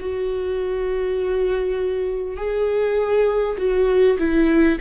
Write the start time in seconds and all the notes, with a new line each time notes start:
0.00 F#4
2.37 G#4
3.58 F#4
4.18 E4